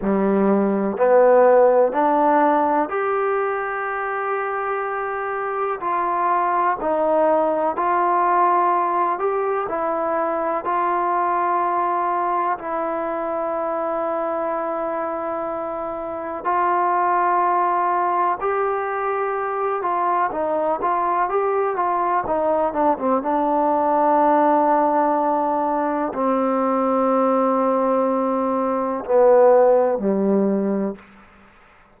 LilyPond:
\new Staff \with { instrumentName = "trombone" } { \time 4/4 \tempo 4 = 62 g4 b4 d'4 g'4~ | g'2 f'4 dis'4 | f'4. g'8 e'4 f'4~ | f'4 e'2.~ |
e'4 f'2 g'4~ | g'8 f'8 dis'8 f'8 g'8 f'8 dis'8 d'16 c'16 | d'2. c'4~ | c'2 b4 g4 | }